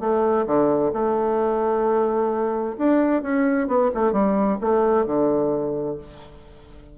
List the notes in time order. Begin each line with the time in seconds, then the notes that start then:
0.00 A3
0.46 D3
0.93 A3
2.78 D4
3.22 C#4
3.67 B3
3.94 A3
4.12 G3
4.61 A3
5.06 D3